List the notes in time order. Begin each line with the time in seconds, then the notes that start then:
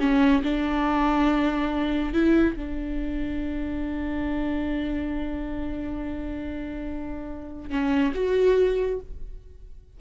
0.00 C#4
0.43 D4
2.13 E4
2.56 D4
7.70 C#4
8.14 F#4